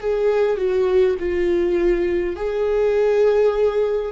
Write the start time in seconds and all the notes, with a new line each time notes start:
0.00 G#4
0.57 F#4
1.19 F4
2.36 G#4